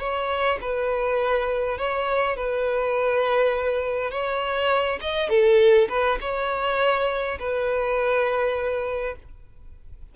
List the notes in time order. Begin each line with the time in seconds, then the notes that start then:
0.00 C#5
0.62 B4
1.78 C#5
2.37 B4
4.11 C#5
5.01 D#5
5.30 A4
5.89 B4
6.21 C#5
7.40 B4